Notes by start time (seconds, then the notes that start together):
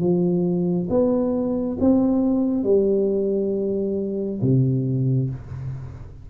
0.00 F3
0.89 B3
1.80 C4
2.64 G3
4.42 C3